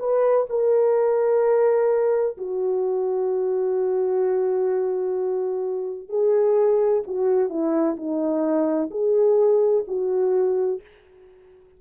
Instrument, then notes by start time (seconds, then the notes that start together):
horn
0.00 B4
0.50 A#4
2.38 F#4
6.09 G#4
7.07 F#4
7.50 E4
7.97 D#4
8.91 G#4
9.88 F#4